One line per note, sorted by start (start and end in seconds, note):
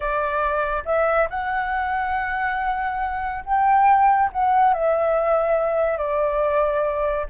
0.00 0.83 D5
0.85 1.28 E5
1.30 3.44 F#5
3.44 4.30 G5
4.32 4.73 F#5
4.73 5.97 E5
5.97 7.26 D5